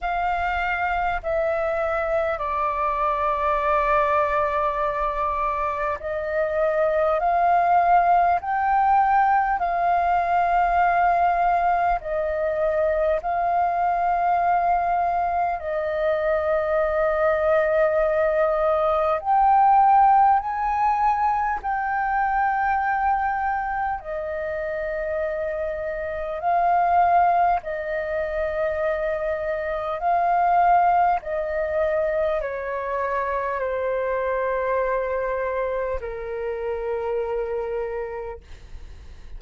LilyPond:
\new Staff \with { instrumentName = "flute" } { \time 4/4 \tempo 4 = 50 f''4 e''4 d''2~ | d''4 dis''4 f''4 g''4 | f''2 dis''4 f''4~ | f''4 dis''2. |
g''4 gis''4 g''2 | dis''2 f''4 dis''4~ | dis''4 f''4 dis''4 cis''4 | c''2 ais'2 | }